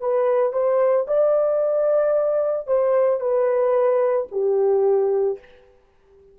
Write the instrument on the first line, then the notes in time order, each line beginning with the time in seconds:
horn
0.00 B4
0.53 C5
1.07 D5
2.67 C5
3.20 B4
4.31 G4